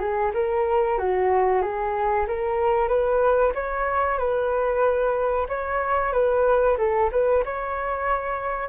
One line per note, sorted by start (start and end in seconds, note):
0.00 0.32 G#4
0.34 0.99 A#4
0.99 1.62 F#4
1.62 2.27 G#4
2.28 2.89 A#4
2.89 3.53 B4
3.55 4.18 C#5
4.18 5.48 B4
5.49 6.13 C#5
6.13 6.77 B4
6.79 7.11 A4
7.12 7.44 B4
7.45 8.69 C#5